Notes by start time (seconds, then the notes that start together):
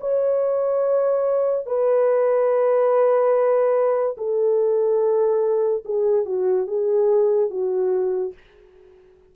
0.00 C#5
1.66 B4
4.17 A4
5.84 G#4
6.25 F#4
6.67 G#4
7.50 F#4